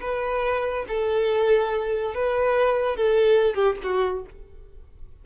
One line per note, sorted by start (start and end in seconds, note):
0.00 0.85 B4
0.87 2.14 A4
2.14 2.96 B4
2.96 3.55 A4
3.55 3.76 G4
3.83 4.25 F#4